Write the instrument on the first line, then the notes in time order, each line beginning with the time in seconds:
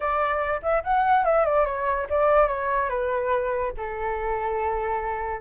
flute
0.00 D5
0.62 E5
0.83 F#5
1.25 E5
1.45 D5
1.65 C#5
2.09 D5
2.47 C#5
2.89 B4
3.77 A4